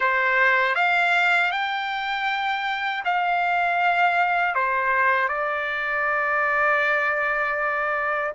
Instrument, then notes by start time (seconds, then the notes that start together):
trumpet
0.00 C5
0.75 F5
1.51 G5
3.04 F5
4.54 C5
5.28 D5